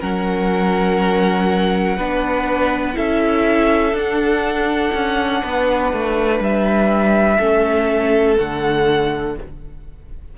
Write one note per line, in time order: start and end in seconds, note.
0.00 1.98 F#3
0.00 1.97 C#4
0.00 1.97 A#4
0.00 2.97 F#5
1.97 2.96 B3
1.97 2.94 D4
1.97 2.95 B4
2.94 3.93 C#4
2.94 3.92 E4
2.94 5.42 A4
2.94 3.96 E5
3.93 4.91 D4
3.93 7.40 D4
3.93 6.43 F#5
4.94 5.43 C#4
5.43 5.93 B3
5.43 7.37 B4
5.93 6.40 A3
6.40 7.38 G3
6.40 8.37 E5
7.37 8.38 A3
7.37 8.37 C#4
7.37 9.34 A4
8.37 9.38 D3
8.37 9.35 A3
8.37 9.36 F#5